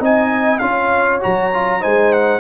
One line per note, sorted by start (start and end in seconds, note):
0.00 0.60 C4
0.00 0.60 D#4
0.00 0.61 D#5
0.00 0.58 G#5
0.58 1.21 C#4
0.58 1.20 F4
0.58 1.81 C#5
0.58 1.18 F5
1.20 1.85 F#3
1.20 1.50 F#4
1.20 1.83 A#5
1.53 1.80 F4
1.80 2.40 G#3
1.80 2.40 D#4
1.80 2.40 C5
1.80 2.12 G#5
2.12 2.40 F#5